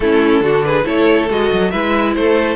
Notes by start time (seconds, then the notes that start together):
0.00 A3 C#4 E4 A4
0.40 D3 D4 F#4
0.65 G#4 B4
0.83 A3 E4 A4 C#5
1.29 G#3 F#4 D#5
1.52 F#3
1.71 G#3 E4 B4 E5
2.15 A3 A4 C5